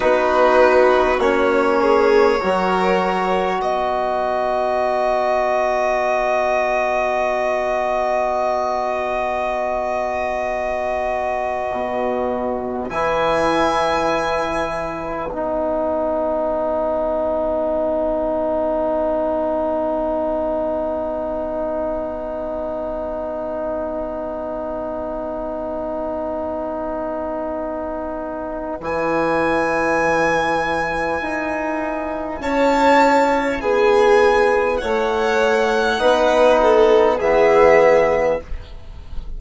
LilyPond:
<<
  \new Staff \with { instrumentName = "violin" } { \time 4/4 \tempo 4 = 50 b'4 cis''2 dis''4~ | dis''1~ | dis''2~ dis''8. gis''4~ gis''16~ | gis''8. fis''2.~ fis''16~ |
fis''1~ | fis''1 | gis''2. a''4 | gis''4 fis''2 e''4 | }
  \new Staff \with { instrumentName = "violin" } { \time 4/4 fis'4. gis'8 ais'4 b'4~ | b'1~ | b'1~ | b'1~ |
b'1~ | b'1~ | b'2. cis''4 | gis'4 cis''4 b'8 a'8 gis'4 | }
  \new Staff \with { instrumentName = "trombone" } { \time 4/4 dis'4 cis'4 fis'2~ | fis'1~ | fis'2~ fis'8. e'4~ e'16~ | e'8. dis'2.~ dis'16~ |
dis'1~ | dis'1 | e'1~ | e'2 dis'4 b4 | }
  \new Staff \with { instrumentName = "bassoon" } { \time 4/4 b4 ais4 fis4 b4~ | b1~ | b4.~ b16 b,4 e4~ e16~ | e8. b2.~ b16~ |
b1~ | b1 | e2 dis'4 cis'4 | b4 a4 b4 e4 | }
>>